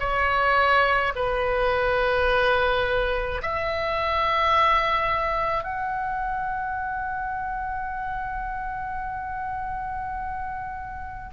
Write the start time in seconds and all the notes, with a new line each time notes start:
0.00 C#5
1.15 B4
3.42 E5
5.63 F#5